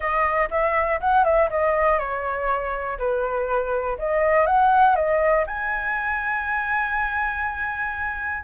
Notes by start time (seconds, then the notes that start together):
0.00 D#5
0.50 E5
1.00 F#5
1.24 E5
1.50 D#5
1.98 C#5
2.98 B4
3.98 D#5
4.46 F#5
4.95 D#5
5.47 G#5